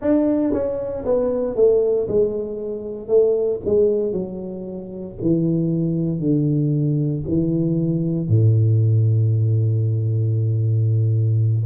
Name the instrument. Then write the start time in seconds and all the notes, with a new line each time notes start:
tuba
0.00 D4
0.52 C#4
1.05 B3
1.55 A3
2.08 G#3
3.08 A3
3.65 G#3
4.12 F#3
5.21 E3
6.19 D3
7.27 E3
8.28 A2